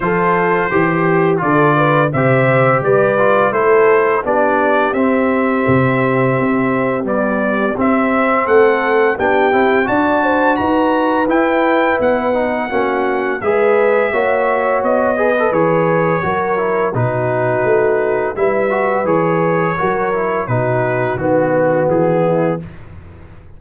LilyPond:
<<
  \new Staff \with { instrumentName = "trumpet" } { \time 4/4 \tempo 4 = 85 c''2 d''4 e''4 | d''4 c''4 d''4 e''4~ | e''2 d''4 e''4 | fis''4 g''4 a''4 ais''4 |
g''4 fis''2 e''4~ | e''4 dis''4 cis''2 | b'2 e''4 cis''4~ | cis''4 b'4 fis'4 gis'4 | }
  \new Staff \with { instrumentName = "horn" } { \time 4/4 a'4 g'4 a'8 b'8 c''4 | b'4 a'4 g'2~ | g'1 | a'4 g'4 d''8 c''8 b'4~ |
b'2 fis'4 b'4 | cis''4. b'4. ais'4 | fis'2 b'2 | ais'4 fis'2~ fis'8 e'8 | }
  \new Staff \with { instrumentName = "trombone" } { \time 4/4 f'4 g'4 f'4 g'4~ | g'8 f'8 e'4 d'4 c'4~ | c'2 g4 c'4~ | c'4 d'8 e'8 fis'2 |
e'4. dis'8 cis'4 gis'4 | fis'4. gis'16 a'16 gis'4 fis'8 e'8 | dis'2 e'8 fis'8 gis'4 | fis'8 e'8 dis'4 b2 | }
  \new Staff \with { instrumentName = "tuba" } { \time 4/4 f4 e4 d4 c4 | g4 a4 b4 c'4 | c4 c'4 b4 c'4 | a4 b8 c'8 d'4 dis'4 |
e'4 b4 ais4 gis4 | ais4 b4 e4 fis4 | b,4 a4 g4 e4 | fis4 b,4 dis4 e4 | }
>>